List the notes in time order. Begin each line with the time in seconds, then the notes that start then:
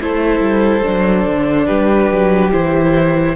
0.00 A3 E4 A4 C5
0.39 G3
0.83 F#3 D4
1.25 D3
1.66 G3 G4 B4
2.11 F#3
2.51 E3 E4 C5